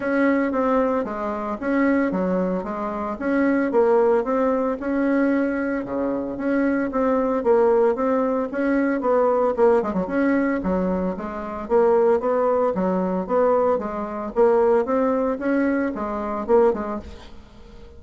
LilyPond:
\new Staff \with { instrumentName = "bassoon" } { \time 4/4 \tempo 4 = 113 cis'4 c'4 gis4 cis'4 | fis4 gis4 cis'4 ais4 | c'4 cis'2 cis4 | cis'4 c'4 ais4 c'4 |
cis'4 b4 ais8 gis16 fis16 cis'4 | fis4 gis4 ais4 b4 | fis4 b4 gis4 ais4 | c'4 cis'4 gis4 ais8 gis8 | }